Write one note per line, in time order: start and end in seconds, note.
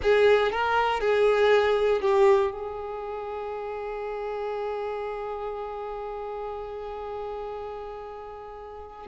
0.02 0.51 G#4
0.51 1.00 A#4
1.00 2.01 G#4
2.01 2.51 G4
2.51 9.07 G#4